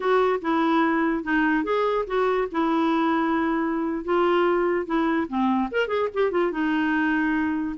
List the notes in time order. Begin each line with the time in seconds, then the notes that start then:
0.00 F#4
0.41 E4
1.23 D#4
1.63 G#4
2.06 F#4
2.51 E4
4.04 F4
4.85 E4
5.28 C4
5.71 A#4
5.87 G#4
6.14 G4
6.31 F4
6.51 D#4